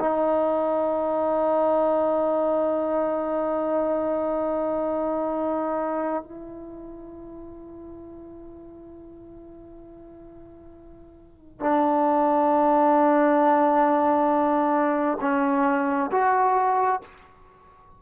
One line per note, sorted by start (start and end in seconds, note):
0.00 6.23 D#4
6.23 11.60 E4
11.60 15.18 D4
15.21 16.11 C#4
16.12 17.01 F#4